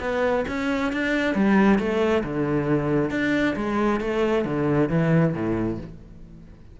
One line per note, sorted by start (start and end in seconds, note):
0.00 0.44 B3
0.48 0.92 C#4
0.92 1.35 D4
1.35 1.79 G3
1.79 2.23 A3
2.23 3.10 D3
3.10 3.55 D4
3.56 4.00 G#3
4.00 4.44 A3
4.44 4.89 D3
4.89 5.34 E3
5.34 5.78 A2